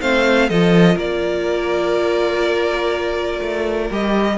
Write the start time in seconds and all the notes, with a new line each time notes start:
0.00 A3 C4 C5 F5
0.48 F3 F4 A4 D#5
0.95 A#3 A#4 D5
3.41 A3
3.91 G3 G4 D#5